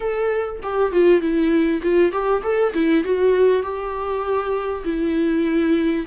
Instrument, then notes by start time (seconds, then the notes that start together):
viola
0.00 A4
0.62 G4
0.92 F4
1.20 E4
1.82 F4
2.12 G4
2.42 A4
2.73 E4
3.03 F#4
3.62 G4
4.84 E4